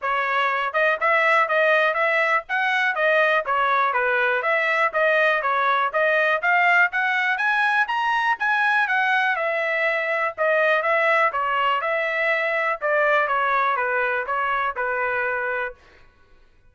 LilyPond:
\new Staff \with { instrumentName = "trumpet" } { \time 4/4 \tempo 4 = 122 cis''4. dis''8 e''4 dis''4 | e''4 fis''4 dis''4 cis''4 | b'4 e''4 dis''4 cis''4 | dis''4 f''4 fis''4 gis''4 |
ais''4 gis''4 fis''4 e''4~ | e''4 dis''4 e''4 cis''4 | e''2 d''4 cis''4 | b'4 cis''4 b'2 | }